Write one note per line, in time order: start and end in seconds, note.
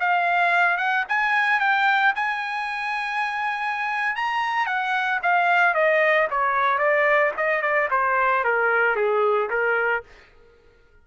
0.00 0.77 F5
0.77 1.04 F#5
1.09 1.60 G#5
1.60 2.14 G5
2.16 4.16 G#5
4.16 4.66 A#5
4.66 5.20 F#5
5.23 5.74 F5
5.74 6.28 D#5
6.31 6.78 C#5
6.78 7.32 D5
7.37 7.62 D#5
7.62 7.89 D5
7.91 8.44 C5
8.44 8.96 A#4
8.96 9.49 G#4
9.50 10.03 A#4